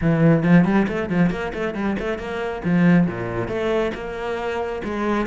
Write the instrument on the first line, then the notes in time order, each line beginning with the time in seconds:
cello
0.01 E3
0.43 F3
0.65 G3
0.88 A3
1.09 F3
1.30 A#3
1.53 A3
1.74 G3
1.99 A3
2.18 A#3
2.64 F3
3.07 A#2
3.47 A3
3.94 A#3
4.84 G#3